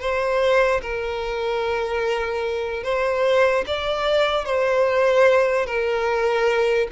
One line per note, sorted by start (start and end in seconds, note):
0.00 0.81 C5
0.82 2.83 A#4
2.83 3.64 C5
3.67 4.45 D5
4.45 5.66 C5
5.66 6.88 A#4